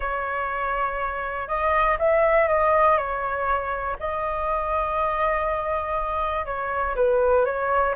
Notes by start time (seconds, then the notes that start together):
0.00 C#5
1.47 D#5
1.98 E5
2.48 D#5
2.97 C#5
3.99 D#5
6.45 C#5
6.95 B4
7.45 C#5